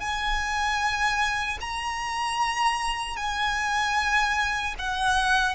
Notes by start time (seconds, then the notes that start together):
0.00 G#5
1.60 A#5
3.16 G#5
4.78 F#5